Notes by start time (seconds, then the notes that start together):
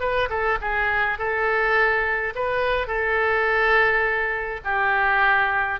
0.00 B4
0.29 A4
0.61 G#4
1.18 A4
2.35 B4
2.87 A4
4.64 G4